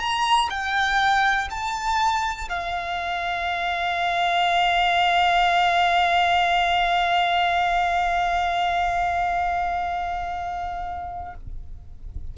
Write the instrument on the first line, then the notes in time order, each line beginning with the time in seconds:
violin
0.00 A#5
0.50 G5
1.51 A5
2.49 F5